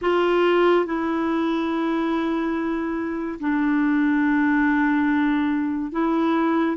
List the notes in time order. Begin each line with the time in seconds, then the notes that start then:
0.01 F4
0.85 E4
3.40 D4
5.92 E4